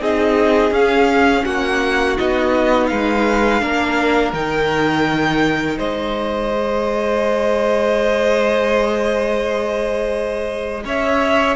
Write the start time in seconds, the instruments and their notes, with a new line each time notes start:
0.00 cello C4, viola D#4, violin G#4 D#5
0.71 cello C#4, viola C#4, violin F5
1.45 cello A#3, violin F#4 F#5
2.17 cello B3, viola D#4, violin D#5
2.87 cello G#3, violin B4 F5
3.61 cello A#3, viola D4, violin A#4
4.33 cello D#3, viola D#4, violin G5
5.78 cello G#3, violin C5 D#5
6.52 viola G#4
10.85 cello C#4, violin C#5 E5